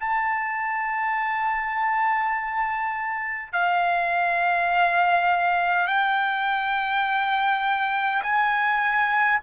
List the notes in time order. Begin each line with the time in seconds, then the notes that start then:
0.00 A5
3.53 F5
5.87 G5
8.23 G#5